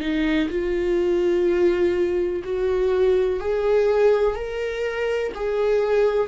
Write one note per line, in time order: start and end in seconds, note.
0.00 0.48 D#4
0.49 2.42 F4
2.44 3.40 F#4
3.40 4.35 G#4
4.35 5.32 A#4
5.34 6.28 G#4